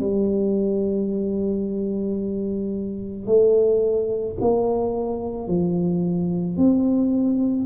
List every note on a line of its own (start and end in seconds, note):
0.00 3.27 G3
3.27 4.36 A3
4.41 5.48 A#3
5.48 6.57 F3
6.57 7.66 C4